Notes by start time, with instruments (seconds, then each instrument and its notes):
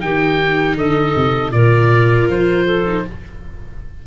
0.00 tuba D#3, viola D#4, clarinet G4, oboe G5
0.77 tuba D3, clarinet A4, oboe D#5
1.16 tuba C3
1.51 tuba A#2, viola F4, clarinet A#4, oboe D5
2.29 tuba F3, oboe C5
2.66 clarinet A4
2.87 viola D#4